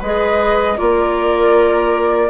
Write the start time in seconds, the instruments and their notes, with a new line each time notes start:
0.00 bassoon G#3, clarinet G#4, viola B4, flute D#5
0.77 bassoon A#3, clarinet F4, viola A#4, flute D5